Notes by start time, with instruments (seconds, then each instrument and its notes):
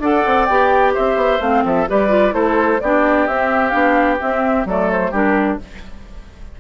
0.00 bassoon D4, clarinet A4, oboe D5, flute F#5
0.26 bassoon C4
0.45 bassoon B3, clarinet G4, flute G5
0.94 bassoon C4, oboe C5, flute E5
1.15 bassoon B3
1.40 bassoon A3, clarinet C4, flute F5
1.64 bassoon F3, oboe A4, flute E5
1.88 bassoon G3, clarinet G4, oboe B4, flute D5
2.09 clarinet F4
2.31 bassoon A3, clarinet E4, oboe A4, flute C5
2.81 bassoon B3, clarinet D4, oboe G4, flute D5
3.27 bassoon C4, clarinet C4, flute E5
3.69 bassoon B3, clarinet D4, flute F5
4.20 clarinet C4, bassoon C4, flute E5
4.65 bassoon F#3, clarinet A3, oboe A4, flute D5
4.91 flute C5
5.11 bassoon G3, clarinet D4, oboe G4, flute A#4